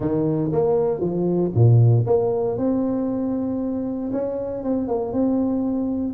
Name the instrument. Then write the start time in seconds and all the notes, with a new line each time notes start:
tuba
0.00 D#3
0.52 A#3
1.00 F3
1.55 A#2
2.06 A#3
2.57 C4
4.12 C#4
4.63 C4
4.88 A#3
5.13 C4